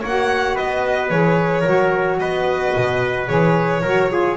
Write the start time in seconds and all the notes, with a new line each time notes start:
0.00 A#3 F#4 C#5 F#5
0.54 B3 B4 D#5
1.10 E3 G#4 C#5
1.61 F#3 F#4 A#4
2.19 B3 B4 D#5
2.76 B2
3.26 E3 G#4 C#5
3.82 F#3 F#4 A#4
4.09 F4 G#4